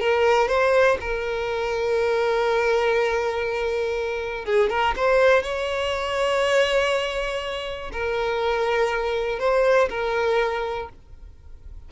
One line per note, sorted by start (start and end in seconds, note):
0.00 0.48 A#4
0.48 0.98 C5
1.01 4.45 A#4
4.45 4.70 G#4
4.70 4.95 A#4
4.96 5.43 C5
5.43 7.91 C#5
7.93 9.39 A#4
9.39 9.89 C5
9.90 10.89 A#4